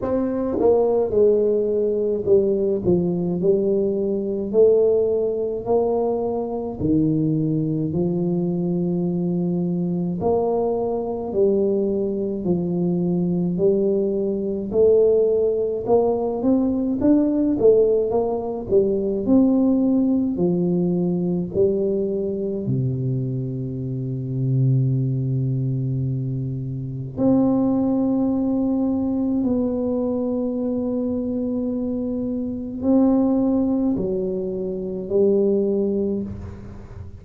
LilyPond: \new Staff \with { instrumentName = "tuba" } { \time 4/4 \tempo 4 = 53 c'8 ais8 gis4 g8 f8 g4 | a4 ais4 dis4 f4~ | f4 ais4 g4 f4 | g4 a4 ais8 c'8 d'8 a8 |
ais8 g8 c'4 f4 g4 | c1 | c'2 b2~ | b4 c'4 fis4 g4 | }